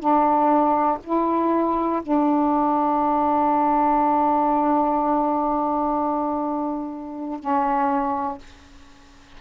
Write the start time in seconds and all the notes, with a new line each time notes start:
0.00 D4
1.04 E4
2.03 D4
7.40 C#4